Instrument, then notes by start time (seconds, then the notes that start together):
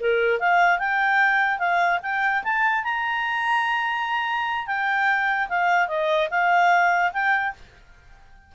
clarinet
0.00 A#4
0.40 F5
0.79 G5
1.59 F5
2.03 G5
2.44 A5
2.84 A#5
4.67 G5
5.49 F5
5.88 D#5
6.30 F5
7.13 G5